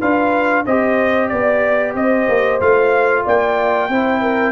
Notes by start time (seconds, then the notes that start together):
0.00 D4 F4 B4 F5
0.65 C4 G4 C5 D#5
1.29 B3 D5
1.95 C4 C5 D#5
2.28 A#3
2.61 A3 F4 F5
3.25 A#3 D5 G5
3.89 C4 E4 C5
4.21 A#4